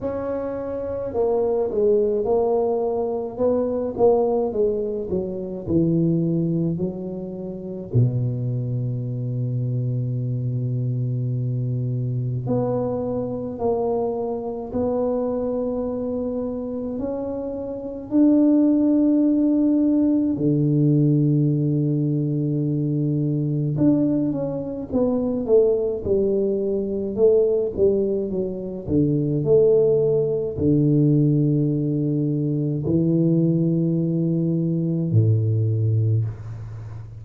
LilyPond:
\new Staff \with { instrumentName = "tuba" } { \time 4/4 \tempo 4 = 53 cis'4 ais8 gis8 ais4 b8 ais8 | gis8 fis8 e4 fis4 b,4~ | b,2. b4 | ais4 b2 cis'4 |
d'2 d2~ | d4 d'8 cis'8 b8 a8 g4 | a8 g8 fis8 d8 a4 d4~ | d4 e2 a,4 | }